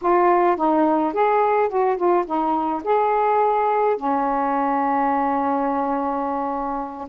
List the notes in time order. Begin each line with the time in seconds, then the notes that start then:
0.01 F4
0.56 D#4
1.13 G#4
1.68 F#4
1.96 F4
2.25 D#4
2.84 G#4
3.96 C#4